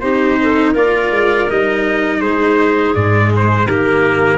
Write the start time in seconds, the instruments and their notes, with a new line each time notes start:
0.00 tuba C4, cello D#4, clarinet G4, trumpet C5
0.42 clarinet A4
0.73 tuba A#3, cello F4, clarinet A#4, trumpet D5
1.10 tuba G#3
1.49 tuba G3, cello D#4, trumpet D#5
2.21 tuba G#3, clarinet G#4, trumpet C5
2.95 tuba G#2, cello G#3, trumpet D5
3.36 trumpet C5
3.66 tuba D#3, cello A#3, clarinet G4, trumpet A#4